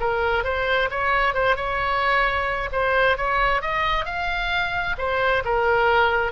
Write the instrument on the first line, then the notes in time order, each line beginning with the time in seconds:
oboe
0.00 A#4
0.44 C5
0.90 C#5
1.34 C5
1.56 C#5
2.72 C5
3.17 C#5
3.62 D#5
4.05 F5
4.98 C5
5.45 A#4